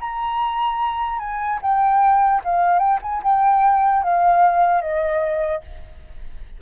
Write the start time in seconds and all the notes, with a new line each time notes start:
0.00 A#5
1.19 G#5
1.62 G5
2.44 F5
2.79 G5
3.02 G#5
3.23 G5
4.03 F5
4.81 D#5